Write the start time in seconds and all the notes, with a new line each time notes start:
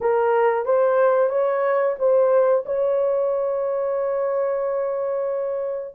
0.00 A#4
0.65 C5
1.29 C#5
1.98 C5
2.65 C#5